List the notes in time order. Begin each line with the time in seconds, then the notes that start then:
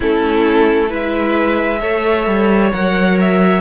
0.00 A3 C#4 E4 A4
0.88 G#3 E4 B4 E5
1.80 A3 A4 C#5
2.26 G3
2.72 F#3 A#4 F#5
3.20 E5